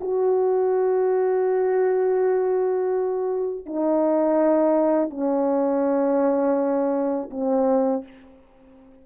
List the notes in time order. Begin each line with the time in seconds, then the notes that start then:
0.00 F#4
3.66 D#4
5.10 C#4
7.30 C4